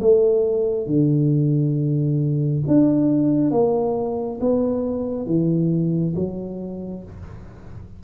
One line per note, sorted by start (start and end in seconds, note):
0.00 0.86 A3
0.86 2.63 D3
2.67 3.51 D4
3.51 4.39 A#3
4.40 5.26 B3
5.26 6.14 E3
6.16 7.04 F#3